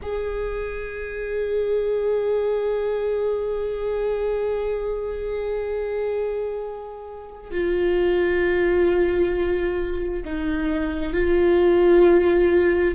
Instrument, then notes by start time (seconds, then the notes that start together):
viola
0.02 G#4
7.50 F4
10.24 D#4
11.13 F4